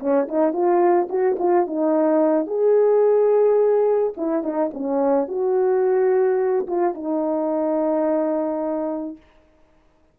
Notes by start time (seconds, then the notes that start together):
0.00 C#4
0.29 D#4
0.53 F4
1.09 F#4
1.39 F4
1.67 D#4
2.47 G#4
4.17 E4
4.43 D#4
4.74 C#4
5.28 F#4
6.67 F4
6.95 D#4